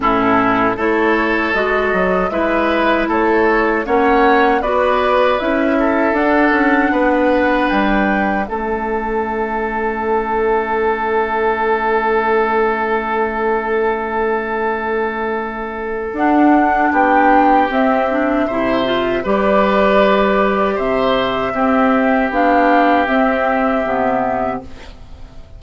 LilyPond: <<
  \new Staff \with { instrumentName = "flute" } { \time 4/4 \tempo 4 = 78 a'4 cis''4 dis''4 e''4 | cis''4 fis''4 d''4 e''4 | fis''2 g''4 e''4~ | e''1~ |
e''1~ | e''4 fis''4 g''4 e''4~ | e''4 d''2 e''4~ | e''4 f''4 e''2 | }
  \new Staff \with { instrumentName = "oboe" } { \time 4/4 e'4 a'2 b'4 | a'4 cis''4 b'4. a'8~ | a'4 b'2 a'4~ | a'1~ |
a'1~ | a'2 g'2 | c''4 b'2 c''4 | g'1 | }
  \new Staff \with { instrumentName = "clarinet" } { \time 4/4 cis'4 e'4 fis'4 e'4~ | e'4 cis'4 fis'4 e'4 | d'2. cis'4~ | cis'1~ |
cis'1~ | cis'4 d'2 c'8 d'8 | e'8 f'8 g'2. | c'4 d'4 c'4 b4 | }
  \new Staff \with { instrumentName = "bassoon" } { \time 4/4 a,4 a4 gis8 fis8 gis4 | a4 ais4 b4 cis'4 | d'8 cis'8 b4 g4 a4~ | a1~ |
a1~ | a4 d'4 b4 c'4 | c4 g2 c4 | c'4 b4 c'4 c4 | }
>>